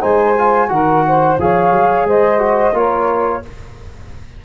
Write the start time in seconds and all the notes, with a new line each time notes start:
0.00 G#3 D#4 C5 G#5
0.38 F4
0.68 D#3 F#4 A#4 F#5
1.07 C5
1.38 F3 G#4 C#5 F5
1.71 F#3
2.04 G#3 C5 D#5
2.38 F#4
2.72 A#3 F4 A#4 C#5